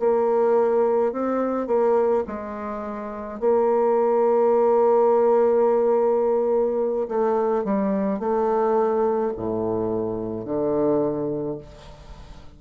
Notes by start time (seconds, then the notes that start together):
0.00 A#3
1.13 C4
1.67 A#3
2.27 G#3
3.40 A#3
7.09 A3
7.64 G3
8.20 A3
9.37 A2
10.45 D3